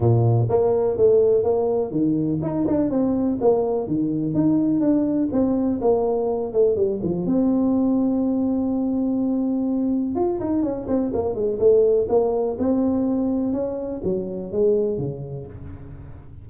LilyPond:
\new Staff \with { instrumentName = "tuba" } { \time 4/4 \tempo 4 = 124 ais,4 ais4 a4 ais4 | dis4 dis'8 d'8 c'4 ais4 | dis4 dis'4 d'4 c'4 | ais4. a8 g8 f8 c'4~ |
c'1~ | c'4 f'8 dis'8 cis'8 c'8 ais8 gis8 | a4 ais4 c'2 | cis'4 fis4 gis4 cis4 | }